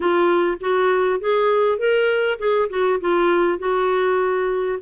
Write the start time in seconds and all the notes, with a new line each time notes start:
0.00 F4
0.60 F#4
1.20 G#4
1.78 A#4
2.38 G#4
2.69 F#4
3.00 F4
3.58 F#4